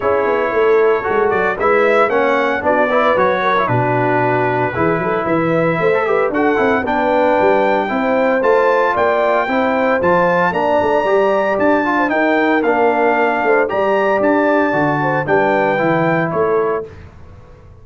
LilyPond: <<
  \new Staff \with { instrumentName = "trumpet" } { \time 4/4 \tempo 4 = 114 cis''2~ cis''8 d''8 e''4 | fis''4 d''4 cis''4 b'4~ | b'2 e''2 | fis''4 g''2. |
a''4 g''2 a''4 | ais''2 a''4 g''4 | f''2 ais''4 a''4~ | a''4 g''2 cis''4 | }
  \new Staff \with { instrumentName = "horn" } { \time 4/4 gis'4 a'2 b'4 | cis''4 fis'8 b'4 ais'8 fis'4~ | fis'4 gis'8 a'8 b'4 c''8 b'8 | a'4 b'2 c''4~ |
c''4 d''4 c''2 | d''2~ d''8. c''16 ais'4~ | ais'4. c''8 d''2~ | d''8 c''8 b'2 a'4 | }
  \new Staff \with { instrumentName = "trombone" } { \time 4/4 e'2 fis'4 e'4 | cis'4 d'8 e'8 fis'8. e'16 d'4~ | d'4 e'2~ e'16 a'16 g'8 | fis'8 e'8 d'2 e'4 |
f'2 e'4 f'4 | d'4 g'4. f'8 dis'4 | d'2 g'2 | fis'4 d'4 e'2 | }
  \new Staff \with { instrumentName = "tuba" } { \time 4/4 cis'8 b8 a4 gis8 fis8 gis4 | ais4 b4 fis4 b,4~ | b,4 e8 fis8 e4 a4 | d'8 c'8 b4 g4 c'4 |
a4 ais4 c'4 f4 | ais8 a8 g4 d'4 dis'4 | ais4. a8 g4 d'4 | d4 g4 e4 a4 | }
>>